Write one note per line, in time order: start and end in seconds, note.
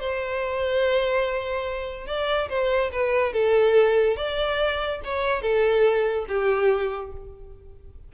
0.00 2.07 C5
2.07 2.49 D5
2.49 2.91 C5
2.92 3.33 B4
3.33 4.17 A4
4.17 5.01 D5
5.04 5.42 C#5
5.42 6.26 A4
6.28 7.12 G4